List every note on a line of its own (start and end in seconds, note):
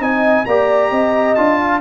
0.00 0.45 C4
0.00 0.45 D#4
0.00 0.47 D#5
0.00 0.46 G#5
0.46 0.91 A#3
0.46 1.37 G4
0.46 0.91 D5
0.46 1.35 A#5
0.91 1.36 C4
0.91 1.59 D#5
1.35 1.81 D4
1.35 1.81 F4
1.35 1.80 A5
1.61 1.81 F5